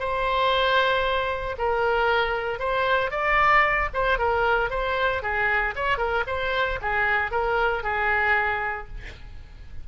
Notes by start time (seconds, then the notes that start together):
0.00 C5
1.58 A#4
2.60 C5
3.11 D5
3.94 C5
4.19 A#4
4.71 C5
5.23 G#4
5.76 C#5
5.98 A#4
6.27 C5
6.82 G#4
7.31 A#4
7.84 G#4